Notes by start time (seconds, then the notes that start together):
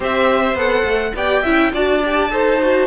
0.00 C4 G4 C5 E5
0.54 B3 A4 F#5
0.84 A3
1.14 B3 G4 D5 G5
1.42 C#4 E4 E5
1.72 D4 F#4 D5 A5
2.04 G4
2.30 D#4 A4 C5
2.61 F#4